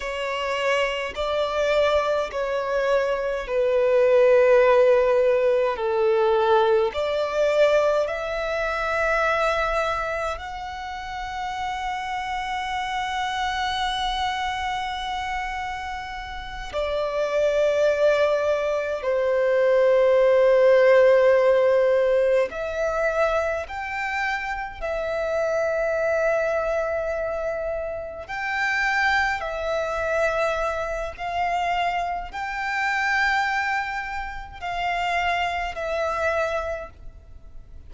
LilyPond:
\new Staff \with { instrumentName = "violin" } { \time 4/4 \tempo 4 = 52 cis''4 d''4 cis''4 b'4~ | b'4 a'4 d''4 e''4~ | e''4 fis''2.~ | fis''2~ fis''8 d''4.~ |
d''8 c''2. e''8~ | e''8 g''4 e''2~ e''8~ | e''8 g''4 e''4. f''4 | g''2 f''4 e''4 | }